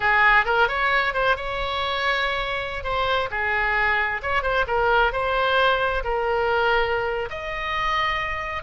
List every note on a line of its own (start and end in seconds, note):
0.00 0.45 G#4
0.45 0.68 A#4
0.68 1.13 C#5
1.13 1.36 C5
1.36 2.83 C#5
2.83 3.29 C5
3.30 4.21 G#4
4.22 4.42 C#5
4.42 4.65 C5
4.67 5.12 A#4
5.12 6.03 C5
6.04 7.29 A#4
7.30 8.62 D#5